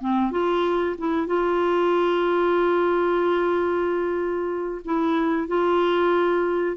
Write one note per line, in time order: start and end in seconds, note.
0.00 0.31 C4
0.31 0.96 F4
0.98 1.26 E4
1.26 4.81 F4
4.84 5.48 E4
5.48 6.77 F4